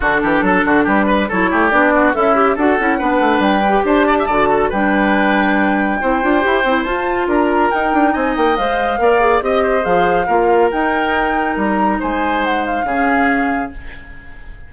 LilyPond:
<<
  \new Staff \with { instrumentName = "flute" } { \time 4/4 \tempo 4 = 140 a'2 b'4 cis''4 | d''4 e''4 fis''2 | g''4 a''2 g''4~ | g''1 |
a''4 ais''4 g''4 gis''8 g''8 | f''2 dis''4 f''4~ | f''4 g''2 ais''4 | gis''4 fis''8 f''2~ f''8 | }
  \new Staff \with { instrumentName = "oboe" } { \time 4/4 fis'8 g'8 a'8 fis'8 g'8 b'8 a'8 g'8~ | g'8 fis'8 e'4 a'4 b'4~ | b'4 c''8 d''16 e''16 d''8 a'8 b'4~ | b'2 c''2~ |
c''4 ais'2 dis''4~ | dis''4 d''4 dis''8 c''4. | ais'1 | c''2 gis'2 | }
  \new Staff \with { instrumentName = "clarinet" } { \time 4/4 d'2. e'4 | d'4 a'8 g'8 fis'8 e'8 d'4~ | d'8 g'4. fis'4 d'4~ | d'2 e'8 f'8 g'8 e'8 |
f'2 dis'2 | c''4 ais'8 gis'8 g'4 gis'4 | f'4 dis'2.~ | dis'2 cis'2 | }
  \new Staff \with { instrumentName = "bassoon" } { \time 4/4 d8 e8 fis8 d8 g4 fis8 a8 | b4 cis'4 d'8 cis'8 b8 a8 | g4 d'4 d4 g4~ | g2 c'8 d'8 e'8 c'8 |
f'4 d'4 dis'8 d'8 c'8 ais8 | gis4 ais4 c'4 f4 | ais4 dis'2 g4 | gis2 cis2 | }
>>